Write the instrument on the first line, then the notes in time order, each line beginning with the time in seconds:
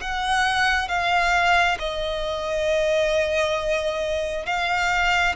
violin
0.00 F#5
0.88 F5
1.79 D#5
4.45 F5